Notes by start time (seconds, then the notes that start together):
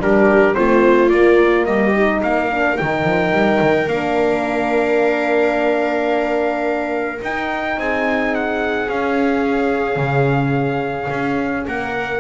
0.00 G3 D4 G4 A#4
0.54 A3 C4 F4 C5
1.09 A#3 D5
1.65 G3 G4 D#5
1.95 D#4
2.23 A#3 A#4 F5
2.51 D4
2.76 D#3 D#4 G5
3.04 F3
3.32 G3
3.61 D#3
3.87 A#3 D4 F5
7.22 D#4 G5
7.77 C4 G#4 G#5
8.35 F#5
8.89 C#4 F5
9.96 C#3
11.10 C#4
11.67 A#3 A#4 F#5